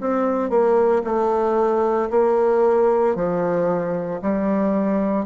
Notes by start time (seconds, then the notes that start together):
0.00 C4
0.49 A#3
1.04 A3
2.10 A#3
3.15 F3
4.22 G3